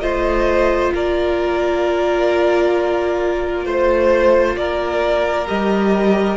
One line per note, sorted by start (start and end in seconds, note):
0.00 0.91 A3
0.00 5.46 F4
0.00 0.93 C5
0.00 0.91 D#5
0.94 3.66 A#3
0.94 3.65 A#4
0.94 3.67 D5
3.65 4.56 A3
3.65 4.56 C5
4.56 5.47 A#3
4.56 6.37 A#4
4.56 5.47 D5
5.47 6.37 G3
5.47 6.37 G4
5.47 6.37 D#5